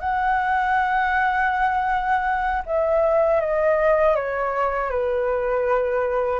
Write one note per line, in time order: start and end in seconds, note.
0.00 2.62 F#5
2.66 3.41 E5
3.41 4.15 D#5
4.15 4.90 C#5
4.90 6.40 B4